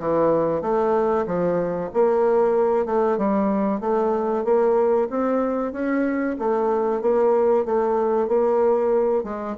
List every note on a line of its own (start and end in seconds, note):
0.00 0.62 E3
0.62 1.26 A3
1.27 1.91 F3
1.94 2.86 A#3
2.86 3.18 A3
3.18 3.81 G3
3.81 4.45 A3
4.45 5.09 A#3
5.10 5.73 C4
5.73 6.37 C#4
6.39 7.02 A3
7.02 7.66 A#3
7.66 8.29 A3
8.29 9.24 A#3
9.24 9.56 G#3